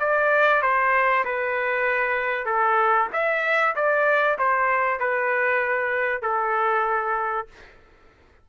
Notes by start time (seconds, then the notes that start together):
0.00 D5
0.62 C5
1.25 B4
2.46 A4
3.13 E5
3.76 D5
4.39 C5
5.00 B4
6.22 A4